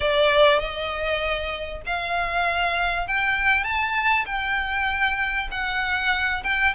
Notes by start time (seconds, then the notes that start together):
0.00 D5
0.59 D#5
1.86 F5
3.07 G5
3.64 A5
4.26 G5
5.51 F#5
6.43 G5